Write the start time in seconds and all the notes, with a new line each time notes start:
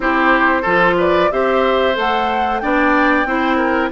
0.00 C4 E4 G4 C5
0.61 F3 F4 A4
0.97 B4 D5
1.31 C4 G4 C5 E5
1.94 A3 A4 F#5
2.59 B3 D4 D5 G5
3.25 C4 E4 C5
3.56 A#4